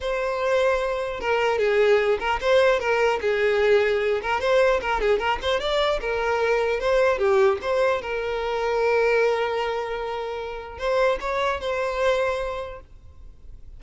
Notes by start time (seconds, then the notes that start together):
0.01 C5
1.20 A#4
1.58 G#4
2.19 A#4
2.40 C5
2.79 A#4
3.21 G#4
4.22 A#4
4.40 C5
4.81 A#4
5.00 G#4
5.19 A#4
5.42 C5
5.60 D5
6.01 A#4
6.79 C5
7.18 G4
7.61 C5
8.01 A#4
10.78 C5
11.20 C#5
11.60 C5